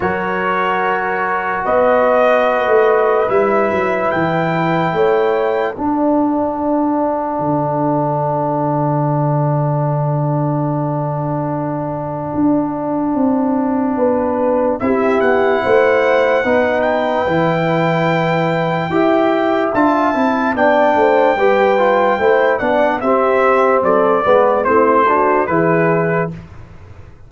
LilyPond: <<
  \new Staff \with { instrumentName = "trumpet" } { \time 4/4 \tempo 4 = 73 cis''2 dis''2 | e''4 g''2 fis''4~ | fis''1~ | fis''1~ |
fis''2 e''8 fis''4.~ | fis''8 g''2.~ g''8 | a''4 g''2~ g''8 fis''8 | e''4 d''4 c''4 b'4 | }
  \new Staff \with { instrumentName = "horn" } { \time 4/4 ais'2 b'2~ | b'2 cis''4 a'4~ | a'1~ | a'1~ |
a'4 b'4 g'4 c''4 | b'2. e''4~ | e''4 d''8 c''8 b'4 c''8 d''8 | g'4 a'8 b'8 e'8 fis'8 gis'4 | }
  \new Staff \with { instrumentName = "trombone" } { \time 4/4 fis'1 | e'2. d'4~ | d'1~ | d'1~ |
d'2 e'2 | dis'4 e'2 g'4 | f'8 e'8 d'4 g'8 f'8 e'8 d'8 | c'4. b8 c'8 d'8 e'4 | }
  \new Staff \with { instrumentName = "tuba" } { \time 4/4 fis2 b4~ b16 a8. | g8 fis8 e4 a4 d'4~ | d'4 d2.~ | d2. d'4 |
c'4 b4 c'8 b8 a4 | b4 e2 e'4 | d'8 c'8 b8 a8 g4 a8 b8 | c'4 fis8 gis8 a4 e4 | }
>>